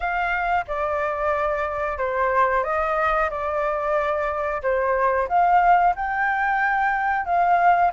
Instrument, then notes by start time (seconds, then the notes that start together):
flute
0.00 F5
0.67 D5
1.98 C5
2.63 D#5
3.30 D5
4.62 C5
5.28 F5
5.95 G5
7.25 F5